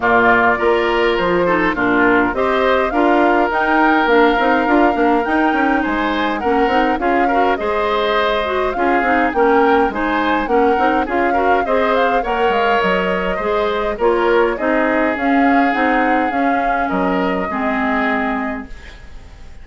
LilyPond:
<<
  \new Staff \with { instrumentName = "flute" } { \time 4/4 \tempo 4 = 103 d''2 c''4 ais'4 | dis''4 f''4 g''4 f''4~ | f''4 g''4 gis''4 fis''4 | f''4 dis''2 f''4 |
g''4 gis''4 fis''4 f''4 | dis''8 f''8 fis''8 f''8 dis''2 | cis''4 dis''4 f''4 fis''4 | f''4 dis''2. | }
  \new Staff \with { instrumentName = "oboe" } { \time 4/4 f'4 ais'4. a'8 f'4 | c''4 ais'2.~ | ais'2 c''4 ais'4 | gis'8 ais'8 c''2 gis'4 |
ais'4 c''4 ais'4 gis'8 ais'8 | c''4 cis''2 c''4 | ais'4 gis'2.~ | gis'4 ais'4 gis'2 | }
  \new Staff \with { instrumentName = "clarinet" } { \time 4/4 ais4 f'4. dis'8 d'4 | g'4 f'4 dis'4 d'8 dis'8 | f'8 d'8 dis'2 cis'8 dis'8 | f'8 fis'8 gis'4. fis'8 f'8 dis'8 |
cis'4 dis'4 cis'8 dis'8 f'8 fis'8 | gis'4 ais'2 gis'4 | f'4 dis'4 cis'4 dis'4 | cis'2 c'2 | }
  \new Staff \with { instrumentName = "bassoon" } { \time 4/4 ais,4 ais4 f4 ais,4 | c'4 d'4 dis'4 ais8 c'8 | d'8 ais8 dis'8 cis'8 gis4 ais8 c'8 | cis'4 gis2 cis'8 c'8 |
ais4 gis4 ais8 c'8 cis'4 | c'4 ais8 gis8 fis4 gis4 | ais4 c'4 cis'4 c'4 | cis'4 fis4 gis2 | }
>>